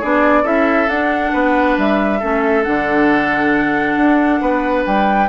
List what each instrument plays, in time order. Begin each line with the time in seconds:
0.00 bassoon B3, clarinet D4, oboe G#4, flute D5
0.43 bassoon C#4, clarinet E4, oboe A4, flute E5
0.87 clarinet D4, bassoon D4, flute F#5
1.32 bassoon B3, oboe B4
1.77 bassoon G3, flute E5
2.19 bassoon A3, clarinet C#4, oboe A4
2.63 bassoon D3, clarinet D4, flute F#5
3.97 bassoon D4
4.40 bassoon B3, oboe B4
4.86 bassoon G3, flute G5